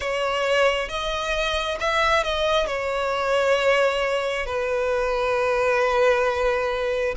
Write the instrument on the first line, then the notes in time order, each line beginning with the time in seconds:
violin
0.00 C#5
0.88 D#5
1.80 E5
2.23 D#5
2.66 C#5
4.46 B4